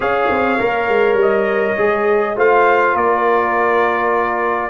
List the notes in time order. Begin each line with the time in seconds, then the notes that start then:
0.00 C#4 G#4 C#5 F5
0.29 C4
0.59 A#3 A#4
0.88 G#3
1.14 G3
1.21 D#5
1.77 G#3 G#4
2.35 A3 F4 C5 F5
2.93 A#3 A#4 D5